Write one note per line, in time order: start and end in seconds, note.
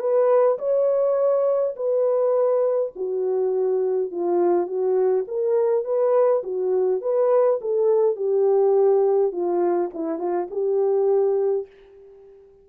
0.00 0.58 B4
0.59 1.76 C#5
1.76 2.93 B4
2.96 4.11 F#4
4.11 4.67 F4
4.67 5.25 F#4
5.28 5.85 A#4
5.85 6.43 B4
6.43 7.02 F#4
7.02 7.60 B4
7.62 8.16 A4
8.16 9.32 G4
9.32 9.91 F4
9.94 10.19 E4
10.19 10.48 F4
10.51 11.67 G4